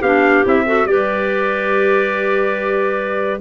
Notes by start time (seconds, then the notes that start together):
0.00 B3 D4 G4 F5
0.44 C4 E4 E5
0.65 F#4 A4
0.85 G3 G4 B4 D5